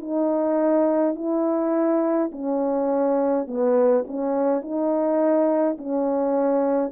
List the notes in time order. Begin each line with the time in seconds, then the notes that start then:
0.00 D#4
1.15 E4
2.32 C#4
3.47 B3
4.07 C#4
4.62 D#4
5.77 C#4